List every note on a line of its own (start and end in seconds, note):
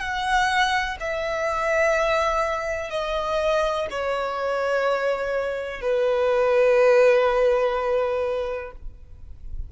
0.00 0.97 F#5
1.00 2.90 E5
2.90 3.87 D#5
3.90 5.81 C#5
5.81 8.71 B4